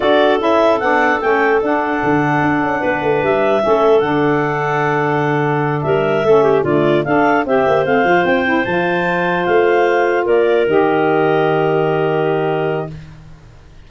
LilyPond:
<<
  \new Staff \with { instrumentName = "clarinet" } { \time 4/4 \tempo 4 = 149 d''4 e''4 fis''4 g''4 | fis''1 | e''2 fis''2~ | fis''2~ fis''8 e''4.~ |
e''8 d''4 f''4 e''4 f''8~ | f''8 g''4 a''2 f''8~ | f''4. d''4 dis''4.~ | dis''1 | }
  \new Staff \with { instrumentName = "clarinet" } { \time 4/4 a'1~ | a'2. b'4~ | b'4 a'2.~ | a'2~ a'8 ais'4 a'8 |
g'8 f'4 a'4 c''4.~ | c''1~ | c''4. ais'2~ ais'8~ | ais'1 | }
  \new Staff \with { instrumentName = "saxophone" } { \time 4/4 fis'4 e'4 d'4 cis'4 | d'1~ | d'4 cis'4 d'2~ | d'2.~ d'8 cis'8~ |
cis'8 a4 d'4 g'4 c'8 | f'4 e'8 f'2~ f'8~ | f'2~ f'8 g'4.~ | g'1 | }
  \new Staff \with { instrumentName = "tuba" } { \time 4/4 d'4 cis'4 b4 a4 | d'4 d4 d'8 cis'8 b8 a8 | g4 a4 d2~ | d2~ d8 g4 a8~ |
a8 d4 d'4 c'8 ais8 a8 | f8 c'4 f2 a8~ | a4. ais4 dis4.~ | dis1 | }
>>